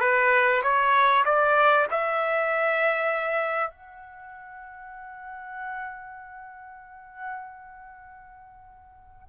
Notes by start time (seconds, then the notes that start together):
0.00 B4
0.62 C#5
1.25 D5
1.91 E5
3.71 F#5